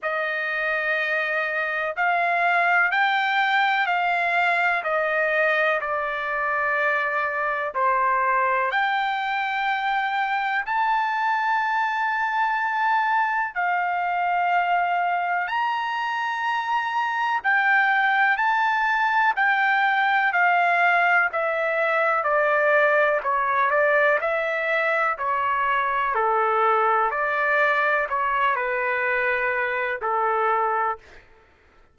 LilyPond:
\new Staff \with { instrumentName = "trumpet" } { \time 4/4 \tempo 4 = 62 dis''2 f''4 g''4 | f''4 dis''4 d''2 | c''4 g''2 a''4~ | a''2 f''2 |
ais''2 g''4 a''4 | g''4 f''4 e''4 d''4 | cis''8 d''8 e''4 cis''4 a'4 | d''4 cis''8 b'4. a'4 | }